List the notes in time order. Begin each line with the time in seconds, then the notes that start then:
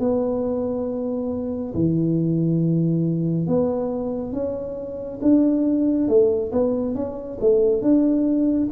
0.00 B3
1.75 E3
3.47 B3
4.33 C#4
5.22 D4
6.09 A3
6.52 B3
6.95 C#4
7.41 A3
7.82 D4